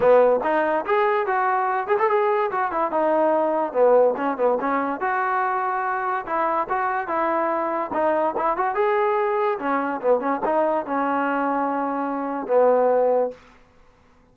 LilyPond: \new Staff \with { instrumentName = "trombone" } { \time 4/4 \tempo 4 = 144 b4 dis'4 gis'4 fis'4~ | fis'8 gis'16 a'16 gis'4 fis'8 e'8 dis'4~ | dis'4 b4 cis'8 b8 cis'4 | fis'2. e'4 |
fis'4 e'2 dis'4 | e'8 fis'8 gis'2 cis'4 | b8 cis'8 dis'4 cis'2~ | cis'2 b2 | }